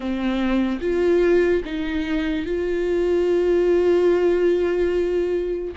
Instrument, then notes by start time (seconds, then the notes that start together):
viola
0.00 C4
0.80 F4
1.64 D#4
2.45 F4